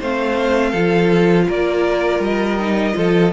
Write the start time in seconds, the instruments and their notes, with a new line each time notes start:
0.00 cello A3, viola C4, violin C5 F5
0.70 cello F3, viola F4, violin A4
1.48 cello A#3, violin A#4 D5
2.19 cello G3, violin D#5
2.59 viola D#4
2.92 cello F3, viola F4, violin A4